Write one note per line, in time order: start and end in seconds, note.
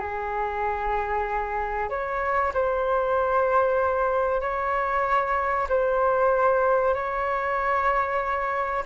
0.00 1.89 G#4
1.90 2.53 C#5
2.54 4.42 C5
4.42 5.68 C#5
5.70 6.95 C5
6.95 8.84 C#5